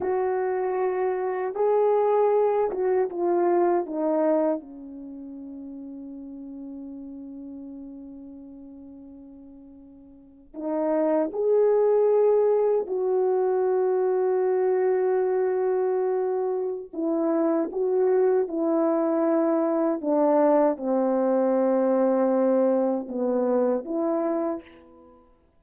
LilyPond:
\new Staff \with { instrumentName = "horn" } { \time 4/4 \tempo 4 = 78 fis'2 gis'4. fis'8 | f'4 dis'4 cis'2~ | cis'1~ | cis'4.~ cis'16 dis'4 gis'4~ gis'16~ |
gis'8. fis'2.~ fis'16~ | fis'2 e'4 fis'4 | e'2 d'4 c'4~ | c'2 b4 e'4 | }